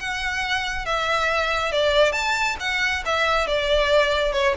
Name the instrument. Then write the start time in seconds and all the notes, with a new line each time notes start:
violin
0.00 F#5
0.86 E5
1.72 D5
2.13 A5
2.60 F#5
3.06 E5
3.47 D5
4.33 C#5